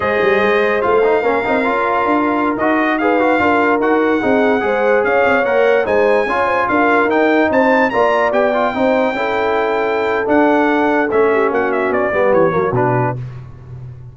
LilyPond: <<
  \new Staff \with { instrumentName = "trumpet" } { \time 4/4 \tempo 4 = 146 dis''2 f''2~ | f''2~ f''16 dis''4 f''8.~ | f''4~ f''16 fis''2~ fis''8.~ | fis''16 f''4 fis''4 gis''4.~ gis''16~ |
gis''16 f''4 g''4 a''4 ais''8.~ | ais''16 g''2.~ g''8.~ | g''4 fis''2 e''4 | fis''8 e''8 d''4 cis''4 b'4 | }
  \new Staff \with { instrumentName = "horn" } { \time 4/4 c''2. ais'4~ | ais'2.~ ais'16 b'8.~ | b'16 ais'2 gis'4 c''8.~ | c''16 cis''2 c''4 cis''8 c''16~ |
c''16 ais'2 c''4 d''8.~ | d''4~ d''16 c''4 a'4.~ a'16~ | a'2.~ a'8 g'8 | fis'4. g'4 fis'4. | }
  \new Staff \with { instrumentName = "trombone" } { \time 4/4 gis'2 f'8 dis'8 cis'8 dis'8 | f'2~ f'16 fis'4 gis'8 fis'16~ | fis'16 f'4 fis'4 dis'4 gis'8.~ | gis'4~ gis'16 ais'4 dis'4 f'8.~ |
f'4~ f'16 dis'2 f'8.~ | f'16 g'8 f'8 dis'4 e'4.~ e'16~ | e'4 d'2 cis'4~ | cis'4. b4 ais8 d'4 | }
  \new Staff \with { instrumentName = "tuba" } { \time 4/4 gis8 g8 gis4 a4 ais8 c'8 | cis'4 d'4~ d'16 dis'4.~ dis'16~ | dis'16 d'4 dis'4 c'4 gis8.~ | gis16 cis'8 c'8 ais4 gis4 cis'8.~ |
cis'16 d'4 dis'4 c'4 ais8.~ | ais16 b4 c'4 cis'4.~ cis'16~ | cis'4 d'2 a4 | ais4 b8 g8 e8 fis8 b,4 | }
>>